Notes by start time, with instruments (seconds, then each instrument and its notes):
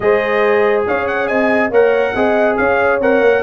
0.00 tuba G#3, trombone G#4, horn C5, trumpet D#5
0.86 tuba C#4, horn C#5, trumpet F5
1.07 trumpet F#5
1.27 tuba C4, horn D#5, trumpet G#5
1.70 tuba A#3, trombone A#4, horn C#5, trumpet F#5
2.14 tuba C4, trombone G#4, horn D#5
2.56 tuba C#4, horn C#5, trumpet F5
2.99 tuba C4, trombone A#4, trumpet F#5
3.20 tuba A#3